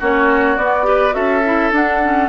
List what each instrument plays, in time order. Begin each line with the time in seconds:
0.00 bassoon A#3, clarinet C#4, oboe F#4, flute C#5
0.57 clarinet B3, bassoon B3, flute D5
0.84 clarinet G4, oboe B4
1.12 bassoon C#4, clarinet F#4, oboe A4, flute E5
1.45 clarinet E4
1.72 clarinet D4, bassoon D4, flute F#5
2.03 clarinet C#4